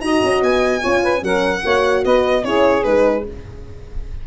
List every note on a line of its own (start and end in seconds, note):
0.00 0.20 D#4
0.00 0.82 F#4
0.00 0.81 D#5
0.00 0.41 A#5
0.23 0.42 C#4
0.42 0.82 B3
0.42 1.23 G#5
0.81 1.22 C#4
0.81 1.20 F4
0.81 1.01 C#5
1.03 1.23 B4
1.20 1.62 F#3
1.20 1.60 C#4
1.20 1.63 A#4
1.20 2.04 F#5
1.63 2.05 A#3
1.63 2.44 F#4
1.63 2.04 C#5
2.04 2.43 B3
2.04 2.45 B4
2.04 2.44 D#5
2.43 2.84 C#4
2.43 2.84 E4
2.43 3.27 G#4
2.43 2.83 C#5
2.83 3.26 G#3
2.83 3.25 D#4
2.83 3.23 B4